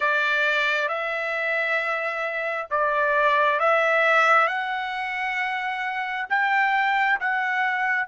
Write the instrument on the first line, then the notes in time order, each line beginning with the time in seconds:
trumpet
0.00 D5
0.88 E5
2.70 D5
3.59 E5
4.47 F#5
6.29 G5
7.20 F#5